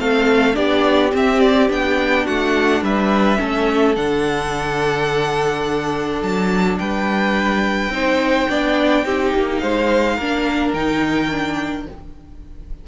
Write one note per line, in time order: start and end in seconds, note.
0.00 0.57 A3
0.00 0.54 C4
0.00 0.56 A4
0.00 0.56 F5
0.54 1.13 B3
0.54 1.11 D4
0.54 2.25 G4
0.54 1.12 D5
1.13 1.70 C4
1.13 1.41 E5
1.41 1.69 D5
1.70 2.27 B3
1.70 3.38 D4
1.70 2.27 G5
2.25 2.82 A3
2.25 2.82 F#4
2.25 2.84 F#5
2.82 3.39 G3
2.82 3.40 B4
2.82 3.96 E5
3.38 3.97 A3
3.38 3.95 C#4
3.38 6.80 A4
3.96 6.22 D3
3.96 7.92 D4
3.96 6.22 F#5
6.22 6.79 F#3
6.22 6.79 A5
6.79 7.90 G3
6.79 7.94 B4
6.79 9.59 G5
7.90 8.46 C4
7.90 8.49 D#4
7.90 8.51 C5
8.50 9.06 B3
8.50 9.05 D4
8.50 9.06 D5
9.05 9.34 C4
9.05 10.19 D#4
9.05 9.62 G4
9.35 9.63 A#3
9.59 10.19 G#3
9.59 10.17 C5
9.59 10.72 F5
10.17 10.74 A#3
10.17 10.77 D4
10.17 11.86 A#4
10.74 11.87 D#3
10.74 11.31 D#4
10.74 11.88 G5
11.31 11.88 D4